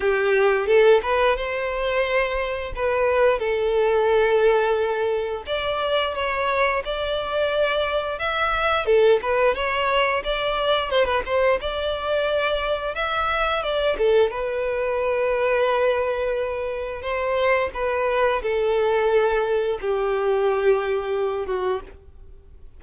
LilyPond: \new Staff \with { instrumentName = "violin" } { \time 4/4 \tempo 4 = 88 g'4 a'8 b'8 c''2 | b'4 a'2. | d''4 cis''4 d''2 | e''4 a'8 b'8 cis''4 d''4 |
c''16 b'16 c''8 d''2 e''4 | d''8 a'8 b'2.~ | b'4 c''4 b'4 a'4~ | a'4 g'2~ g'8 fis'8 | }